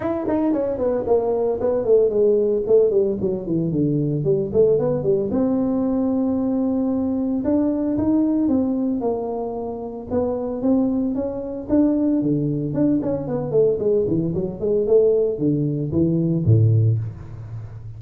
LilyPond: \new Staff \with { instrumentName = "tuba" } { \time 4/4 \tempo 4 = 113 e'8 dis'8 cis'8 b8 ais4 b8 a8 | gis4 a8 g8 fis8 e8 d4 | g8 a8 b8 g8 c'2~ | c'2 d'4 dis'4 |
c'4 ais2 b4 | c'4 cis'4 d'4 d4 | d'8 cis'8 b8 a8 gis8 e8 fis8 gis8 | a4 d4 e4 a,4 | }